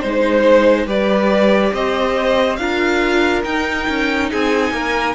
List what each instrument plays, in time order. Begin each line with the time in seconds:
0.00 cello G#3, viola D#4, violin C5
0.85 cello G3, viola G4, violin B4 D5
1.72 cello C4, violin C5 D#5
2.56 cello D4, viola F4, violin A#4 F5
3.44 viola D#4, cello D#4, violin G5
3.89 cello C#4
4.30 cello C4, violin G#4 G#5
4.71 cello A#3, violin A#4